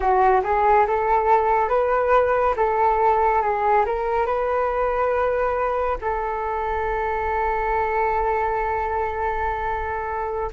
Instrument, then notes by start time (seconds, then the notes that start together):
flute
0.00 F#4
0.43 G#4
0.87 A4
1.69 B4
2.56 A4
3.42 G#4
3.85 A#4
4.26 B4
6.01 A4